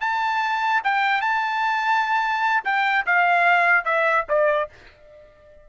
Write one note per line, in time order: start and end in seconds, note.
0.00 0.81 A5
0.83 1.21 G5
1.21 2.63 A5
2.64 3.05 G5
3.06 3.84 F5
3.84 4.25 E5
4.28 4.69 D5